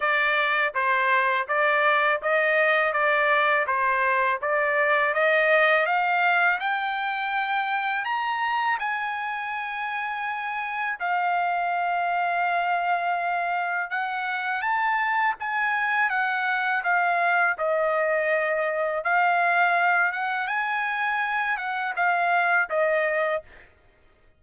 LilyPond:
\new Staff \with { instrumentName = "trumpet" } { \time 4/4 \tempo 4 = 82 d''4 c''4 d''4 dis''4 | d''4 c''4 d''4 dis''4 | f''4 g''2 ais''4 | gis''2. f''4~ |
f''2. fis''4 | a''4 gis''4 fis''4 f''4 | dis''2 f''4. fis''8 | gis''4. fis''8 f''4 dis''4 | }